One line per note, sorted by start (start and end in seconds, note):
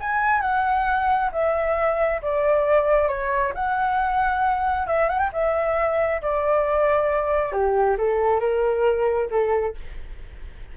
0.00 0.41 G#5
0.41 1.30 F#5
1.32 2.21 E5
2.22 3.08 D5
3.08 3.53 C#5
3.55 4.87 F#5
4.87 5.09 E5
5.09 5.18 F#5
5.18 5.29 G5
5.33 6.21 E5
6.22 7.52 D5
7.52 7.97 G4
7.98 8.40 A4
8.40 9.29 A#4
9.31 9.75 A4